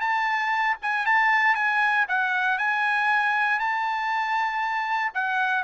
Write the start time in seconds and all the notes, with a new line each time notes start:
0.00 A5
0.82 G#5
1.06 A5
1.55 G#5
2.08 F#5
2.58 G#5
3.59 A5
5.14 F#5